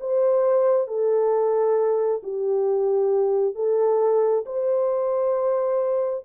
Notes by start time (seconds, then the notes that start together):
0.00 C5
0.87 A4
2.23 G4
3.55 A4
4.46 C5